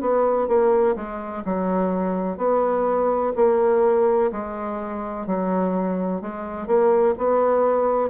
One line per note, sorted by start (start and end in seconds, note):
0.00 0.47 B3
0.47 0.95 A#3
0.96 1.43 G#3
1.45 2.37 F#3
2.37 3.32 B3
3.35 4.30 A#3
4.32 5.26 G#3
5.26 6.21 F#3
6.21 6.67 G#3
6.67 7.14 A#3
7.17 8.09 B3